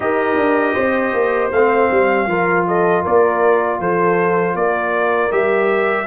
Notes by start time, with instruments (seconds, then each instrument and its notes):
0.00 tuba D#4, trombone G4, horn A#4, trumpet D#5
0.36 tuba D4
0.73 tuba C4, horn C5
1.13 tuba A#3
1.51 tuba A3, trombone C4, trumpet F5
1.90 tuba G3
2.26 tuba F3, trombone F4, horn A#4
2.67 horn A4, trumpet D#5
3.02 tuba A#3, horn A#4, trumpet D5
3.79 tuba F3, horn A4, trumpet C5
4.55 tuba A#3, horn A#4, trumpet D5
5.30 tuba G3, trombone G4, trumpet E5